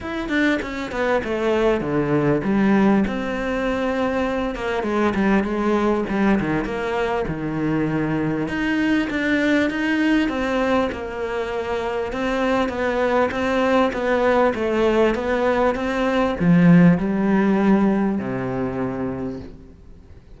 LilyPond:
\new Staff \with { instrumentName = "cello" } { \time 4/4 \tempo 4 = 99 e'8 d'8 cis'8 b8 a4 d4 | g4 c'2~ c'8 ais8 | gis8 g8 gis4 g8 dis8 ais4 | dis2 dis'4 d'4 |
dis'4 c'4 ais2 | c'4 b4 c'4 b4 | a4 b4 c'4 f4 | g2 c2 | }